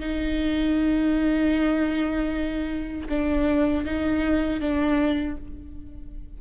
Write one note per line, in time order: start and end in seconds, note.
0.00 3.08 D#4
3.09 3.85 D4
3.85 4.60 D#4
4.60 5.37 D4